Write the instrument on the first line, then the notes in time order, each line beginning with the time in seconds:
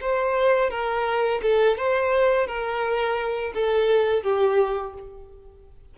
violin
0.00 C5
0.70 A#4
1.42 A4
1.77 C5
2.47 A#4
3.54 A4
4.23 G4